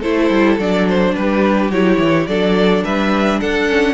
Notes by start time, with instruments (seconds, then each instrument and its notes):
0.00 cello A3, viola E4, violin A4 C5
0.29 cello G3
0.58 cello F#3, viola D4, violin D5
0.88 violin C5
1.15 cello G3, violin G4 B4
1.70 cello F#3, viola E4, violin C#5
1.98 cello E3
2.27 cello F#3, viola D4, violin A4 D5
2.84 cello G3, violin B4 E5
3.40 cello D4, violin A4 F#5
3.68 viola C#4